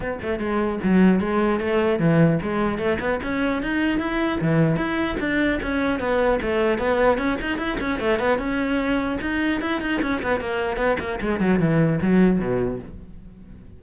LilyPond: \new Staff \with { instrumentName = "cello" } { \time 4/4 \tempo 4 = 150 b8 a8 gis4 fis4 gis4 | a4 e4 gis4 a8 b8 | cis'4 dis'4 e'4 e4 | e'4 d'4 cis'4 b4 |
a4 b4 cis'8 dis'8 e'8 cis'8 | a8 b8 cis'2 dis'4 | e'8 dis'8 cis'8 b8 ais4 b8 ais8 | gis8 fis8 e4 fis4 b,4 | }